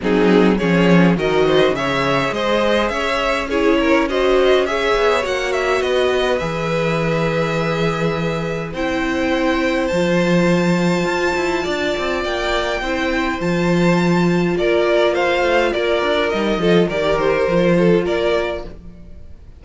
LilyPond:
<<
  \new Staff \with { instrumentName = "violin" } { \time 4/4 \tempo 4 = 103 gis'4 cis''4 dis''4 e''4 | dis''4 e''4 cis''4 dis''4 | e''4 fis''8 e''8 dis''4 e''4~ | e''2. g''4~ |
g''4 a''2.~ | a''4 g''2 a''4~ | a''4 d''4 f''4 d''4 | dis''4 d''8 c''4. d''4 | }
  \new Staff \with { instrumentName = "violin" } { \time 4/4 dis'4 gis'4 ais'8 c''8 cis''4 | c''4 cis''4 gis'8 ais'8 c''4 | cis''2 b'2~ | b'2. c''4~ |
c''1 | d''2 c''2~ | c''4 ais'4 c''4 ais'4~ | ais'8 a'8 ais'4. a'8 ais'4 | }
  \new Staff \with { instrumentName = "viola" } { \time 4/4 c'4 cis'4 fis'4 gis'4~ | gis'2 e'4 fis'4 | gis'4 fis'2 gis'4~ | gis'2. e'4~ |
e'4 f'2.~ | f'2 e'4 f'4~ | f'1 | dis'8 f'8 g'4 f'2 | }
  \new Staff \with { instrumentName = "cello" } { \time 4/4 fis4 f4 dis4 cis4 | gis4 cis'2.~ | cis'8 b8 ais4 b4 e4~ | e2. c'4~ |
c'4 f2 f'8 e'8 | d'8 c'8 ais4 c'4 f4~ | f4 ais4. a8 ais8 d'8 | g8 f8 dis4 f4 ais4 | }
>>